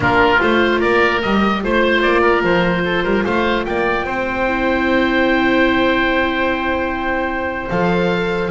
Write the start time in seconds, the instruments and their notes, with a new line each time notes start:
0.00 double bass A#3, viola D4, oboe F4 A#4
0.39 double bass A3, viola F4, oboe C5
0.79 double bass A#3, oboe A#4 D5
1.22 double bass G3, viola G4, oboe D#5
1.62 double bass A3, viola F4, oboe C5
2.02 double bass A#3, oboe D5
2.21 oboe A#4
2.43 double bass F3, oboe C5
2.84 oboe A4
3.03 double bass G3, oboe A#4
3.24 double bass A3, oboe C5 F5
3.65 double bass A#3, oboe D5 G5
4.04 double bass C4, oboe C5
4.45 viola E4
7.70 double bass F3, viola A4, oboe F5